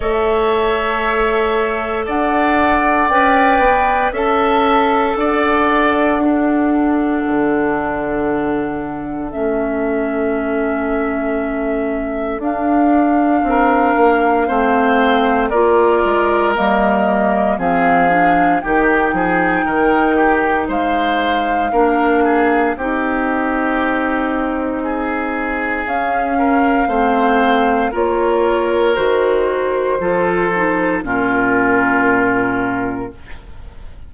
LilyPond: <<
  \new Staff \with { instrumentName = "flute" } { \time 4/4 \tempo 4 = 58 e''2 fis''4 g''4 | a''4 fis''2.~ | fis''4 e''2. | f''2. d''4 |
dis''4 f''4 g''2 | f''2 dis''2~ | dis''4 f''2 cis''4 | c''2 ais'2 | }
  \new Staff \with { instrumentName = "oboe" } { \time 4/4 cis''2 d''2 | e''4 d''4 a'2~ | a'1~ | a'4 ais'4 c''4 ais'4~ |
ais'4 gis'4 g'8 gis'8 ais'8 g'8 | c''4 ais'8 gis'8 g'2 | gis'4. ais'8 c''4 ais'4~ | ais'4 a'4 f'2 | }
  \new Staff \with { instrumentName = "clarinet" } { \time 4/4 a'2. b'4 | a'2 d'2~ | d'4 cis'2. | d'2 c'4 f'4 |
ais4 c'8 d'8 dis'2~ | dis'4 d'4 dis'2~ | dis'4 cis'4 c'4 f'4 | fis'4 f'8 dis'8 cis'2 | }
  \new Staff \with { instrumentName = "bassoon" } { \time 4/4 a2 d'4 cis'8 b8 | cis'4 d'2 d4~ | d4 a2. | d'4 c'8 ais8 a4 ais8 gis8 |
g4 f4 dis8 f8 dis4 | gis4 ais4 c'2~ | c'4 cis'4 a4 ais4 | dis4 f4 ais,2 | }
>>